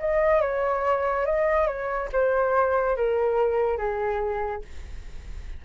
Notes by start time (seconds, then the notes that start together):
0.00 D#5
0.41 C#5
1.26 D#5
1.67 C#5
2.13 C5
2.97 A#4
3.78 G#4